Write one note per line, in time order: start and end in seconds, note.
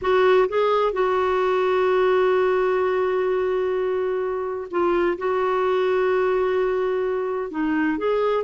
0.01 0.48 F#4
0.48 0.93 G#4
0.93 4.67 F#4
4.70 5.17 F4
5.18 7.51 F#4
7.51 7.98 D#4
7.98 8.44 G#4